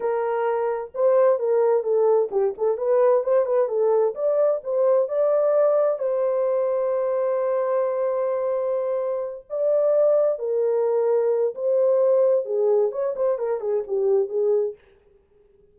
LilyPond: \new Staff \with { instrumentName = "horn" } { \time 4/4 \tempo 4 = 130 ais'2 c''4 ais'4 | a'4 g'8 a'8 b'4 c''8 b'8 | a'4 d''4 c''4 d''4~ | d''4 c''2.~ |
c''1~ | c''8 d''2 ais'4.~ | ais'4 c''2 gis'4 | cis''8 c''8 ais'8 gis'8 g'4 gis'4 | }